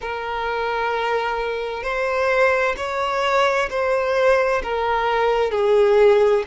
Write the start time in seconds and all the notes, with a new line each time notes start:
0.01 A#4
1.83 C5
2.77 C#5
3.69 C5
4.62 A#4
5.51 G#4